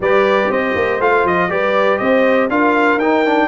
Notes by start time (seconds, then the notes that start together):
0.00 G3 G4 B4 D5
0.49 C4 C5 D#5
0.75 A#3
1.00 A3 F4 F5
1.24 F3 D#5
1.49 G3 G4 B4 D5
1.98 C4 C5 D#5
2.49 D4 F4 A#4 F5
2.97 D#4 G5
3.25 D4